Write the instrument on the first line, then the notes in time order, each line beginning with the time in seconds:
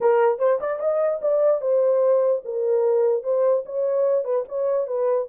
horn
0.00 A#4
0.39 C5
0.60 D5
0.79 D#5
1.21 D5
1.61 C5
2.44 A#4
3.23 C5
3.65 C#5
4.24 B4
4.48 C#5
4.87 B4